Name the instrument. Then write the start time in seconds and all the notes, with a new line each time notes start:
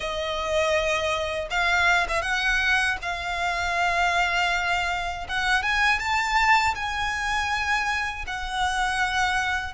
violin
0.00 D#5
1.50 F5
2.08 E5
2.22 F#5
3.02 F5
5.28 F#5
5.62 G#5
5.99 A5
6.75 G#5
8.26 F#5